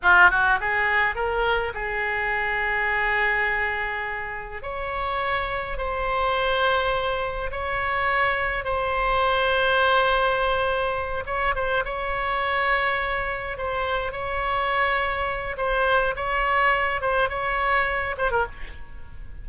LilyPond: \new Staff \with { instrumentName = "oboe" } { \time 4/4 \tempo 4 = 104 f'8 fis'8 gis'4 ais'4 gis'4~ | gis'1 | cis''2 c''2~ | c''4 cis''2 c''4~ |
c''2.~ c''8 cis''8 | c''8 cis''2. c''8~ | c''8 cis''2~ cis''8 c''4 | cis''4. c''8 cis''4. c''16 ais'16 | }